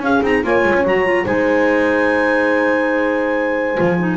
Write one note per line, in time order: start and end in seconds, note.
0.00 0.20 C#4
0.00 0.23 C#4
0.00 0.45 G#4
0.00 0.24 F5
0.23 0.43 C4
0.23 0.43 D#4
0.23 0.45 A#5
0.43 0.64 A#3
0.43 0.84 F4
0.43 1.25 C#5
0.43 0.86 G#5
0.64 0.74 G#3
0.74 0.84 C#4
0.84 1.25 F#3
0.84 1.05 F#4
0.84 1.27 A#5
1.05 1.25 F4
1.25 3.79 G#3
1.25 3.76 D#4
1.25 4.17 C5
1.25 4.17 G#5
3.76 4.17 F3
3.76 3.97 F4
3.99 4.17 D#4